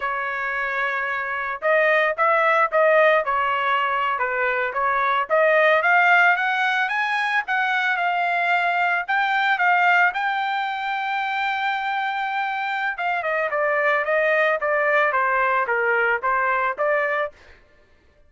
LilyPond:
\new Staff \with { instrumentName = "trumpet" } { \time 4/4 \tempo 4 = 111 cis''2. dis''4 | e''4 dis''4 cis''4.~ cis''16 b'16~ | b'8. cis''4 dis''4 f''4 fis''16~ | fis''8. gis''4 fis''4 f''4~ f''16~ |
f''8. g''4 f''4 g''4~ g''16~ | g''1 | f''8 dis''8 d''4 dis''4 d''4 | c''4 ais'4 c''4 d''4 | }